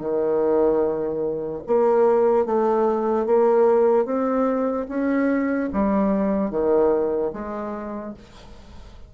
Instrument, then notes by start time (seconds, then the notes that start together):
bassoon
0.00 D#3
1.67 A#3
2.46 A3
3.26 A#3
4.05 C4
4.89 C#4
5.73 G3
6.50 D#3
7.33 G#3